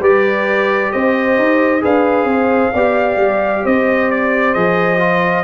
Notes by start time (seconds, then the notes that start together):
0.00 G3 G4 B4 D5
0.92 C4 C5 D#5
1.38 D#4
1.81 D4 G#4 B4 F5
2.24 C4 C5
2.73 B3 G4 D5
3.17 G3
3.65 C4 C5 D#5
4.11 D5
4.54 F3 G#4 D#5
4.99 F4